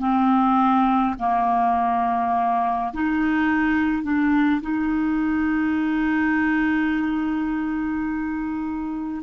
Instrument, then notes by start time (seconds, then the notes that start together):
clarinet
0.00 C4
1.19 A#3
2.93 D#4
4.03 D4
4.62 D#4